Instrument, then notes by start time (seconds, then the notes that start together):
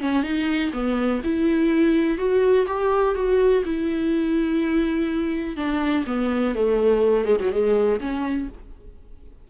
viola
0.00 C#4
0.23 D#4
0.73 B3
1.23 E4
2.18 F#4
2.67 G4
3.15 F#4
3.64 E4
5.56 D4
6.06 B3
6.55 A3
7.25 G#3
7.40 F#3
7.51 G#3
8.00 C#4